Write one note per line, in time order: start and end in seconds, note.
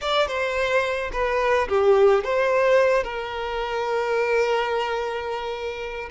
0.01 0.27 D5
0.27 1.10 C5
1.12 1.68 B4
1.68 2.23 G4
2.24 3.03 C5
3.03 6.09 A#4